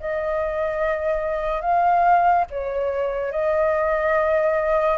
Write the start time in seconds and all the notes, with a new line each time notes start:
0.00 D#5
1.61 F5
2.50 C#5
3.31 D#5